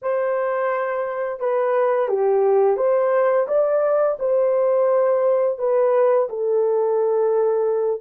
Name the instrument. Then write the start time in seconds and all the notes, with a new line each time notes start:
horn
0.02 C5
1.40 B4
2.08 G4
2.77 C5
3.47 D5
4.19 C5
5.58 B4
6.29 A4